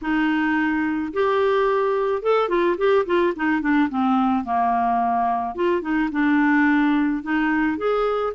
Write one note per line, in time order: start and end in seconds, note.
0.01 1.12 D#4
1.13 2.22 G4
2.22 2.48 A4
2.48 2.76 F4
2.77 3.05 G4
3.06 3.33 F4
3.36 3.61 D#4
3.61 3.88 D4
3.89 4.44 C4
4.44 5.55 A#3
5.55 5.81 F4
5.81 6.09 D#4
6.11 7.22 D4
7.22 7.77 D#4
7.77 8.33 G#4